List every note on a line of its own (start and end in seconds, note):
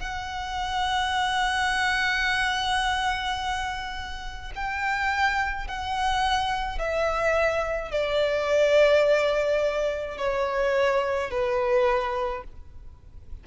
0.00 4.53 F#5
4.55 5.68 G5
5.68 6.79 F#5
6.79 7.91 E5
7.91 10.18 D5
10.18 11.31 C#5
11.31 12.44 B4